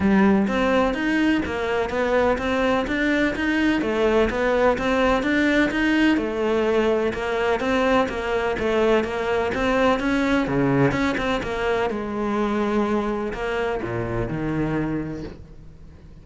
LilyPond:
\new Staff \with { instrumentName = "cello" } { \time 4/4 \tempo 4 = 126 g4 c'4 dis'4 ais4 | b4 c'4 d'4 dis'4 | a4 b4 c'4 d'4 | dis'4 a2 ais4 |
c'4 ais4 a4 ais4 | c'4 cis'4 cis4 cis'8 c'8 | ais4 gis2. | ais4 ais,4 dis2 | }